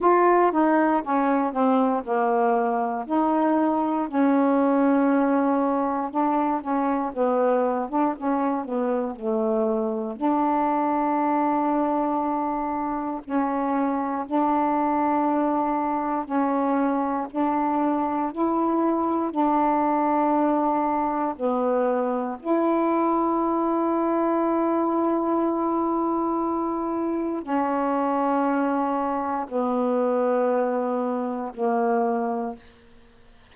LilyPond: \new Staff \with { instrumentName = "saxophone" } { \time 4/4 \tempo 4 = 59 f'8 dis'8 cis'8 c'8 ais4 dis'4 | cis'2 d'8 cis'8 b8. d'16 | cis'8 b8 a4 d'2~ | d'4 cis'4 d'2 |
cis'4 d'4 e'4 d'4~ | d'4 b4 e'2~ | e'2. cis'4~ | cis'4 b2 ais4 | }